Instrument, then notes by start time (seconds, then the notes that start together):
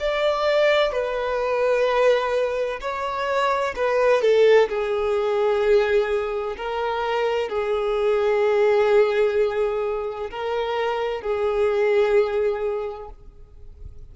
violin
0.00 D5
0.92 B4
2.81 C#5
3.76 B4
4.22 A4
4.69 G#4
6.58 A#4
7.49 G#4
10.31 A#4
11.22 G#4